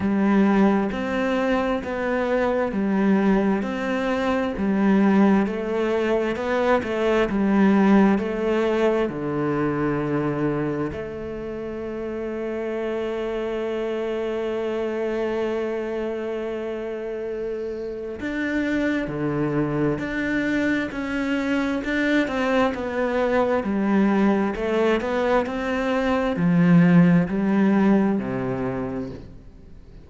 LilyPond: \new Staff \with { instrumentName = "cello" } { \time 4/4 \tempo 4 = 66 g4 c'4 b4 g4 | c'4 g4 a4 b8 a8 | g4 a4 d2 | a1~ |
a1 | d'4 d4 d'4 cis'4 | d'8 c'8 b4 g4 a8 b8 | c'4 f4 g4 c4 | }